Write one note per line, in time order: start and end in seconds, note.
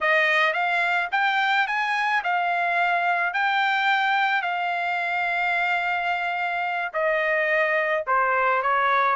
0.00 0.53 D#5
0.53 1.08 F5
1.11 1.67 G5
1.67 2.22 G#5
2.23 3.33 F5
3.33 4.42 G5
4.42 6.92 F5
6.93 8.04 D#5
8.06 8.62 C5
8.62 9.15 C#5